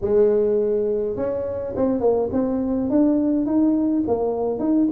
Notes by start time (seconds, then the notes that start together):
0.01 G#3
1.16 C#4
1.76 C4
2.00 A#3
2.32 C4
2.90 D4
3.46 D#4
4.07 A#3
4.59 D#4